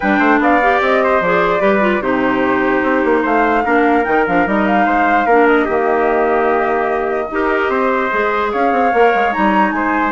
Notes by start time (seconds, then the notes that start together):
0.00 G3 D4 B4 G5
0.18 A3 C5
0.39 B3 D5 F5
0.61 G4
0.81 C4 D#5
1.03 C5
1.20 F3 G#4 D5
1.60 G3 G4 B4
1.80 F4
2.00 C3 D#4 G4 C5
2.82 C4
3.04 A#3
3.22 A3 C5 F5
3.64 A#3 D4 A#4
4.03 D#3 D#4 G5
4.27 F3 D4 F5
4.46 G3 D#4 D#5
4.66 F5
4.85 G#3 C5
5.26 A#3 D4 A#4
5.47 D#5
5.64 D#3 A#3 G4
7.31 D#4 G4 A#4
7.68 C4 C5
8.10 G#3 G#4
8.51 C#4 C#5 F5
8.72 C4
8.92 A#3 A#4
9.14 G#3
9.32 G3 D#4 A#5
9.71 G#3 C5 G#5